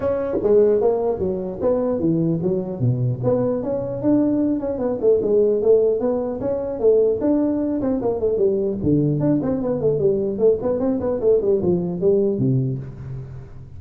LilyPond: \new Staff \with { instrumentName = "tuba" } { \time 4/4 \tempo 4 = 150 cis'4 gis4 ais4 fis4 | b4 e4 fis4 b,4 | b4 cis'4 d'4. cis'8 | b8 a8 gis4 a4 b4 |
cis'4 a4 d'4. c'8 | ais8 a8 g4 d4 d'8 c'8 | b8 a8 g4 a8 b8 c'8 b8 | a8 g8 f4 g4 c4 | }